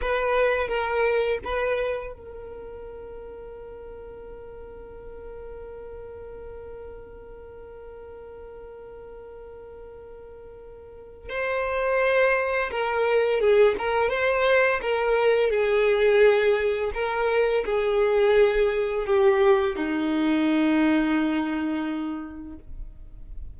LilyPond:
\new Staff \with { instrumentName = "violin" } { \time 4/4 \tempo 4 = 85 b'4 ais'4 b'4 ais'4~ | ais'1~ | ais'1~ | ais'1 |
c''2 ais'4 gis'8 ais'8 | c''4 ais'4 gis'2 | ais'4 gis'2 g'4 | dis'1 | }